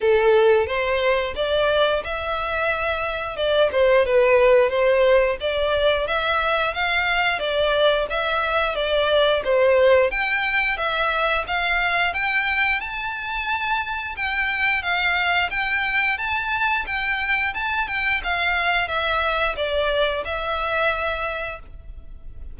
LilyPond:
\new Staff \with { instrumentName = "violin" } { \time 4/4 \tempo 4 = 89 a'4 c''4 d''4 e''4~ | e''4 d''8 c''8 b'4 c''4 | d''4 e''4 f''4 d''4 | e''4 d''4 c''4 g''4 |
e''4 f''4 g''4 a''4~ | a''4 g''4 f''4 g''4 | a''4 g''4 a''8 g''8 f''4 | e''4 d''4 e''2 | }